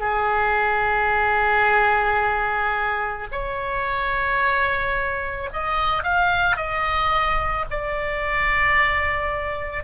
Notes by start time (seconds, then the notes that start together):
0.00 G#4
3.31 C#5
5.53 D#5
6.03 F5
6.56 D#5
7.70 D5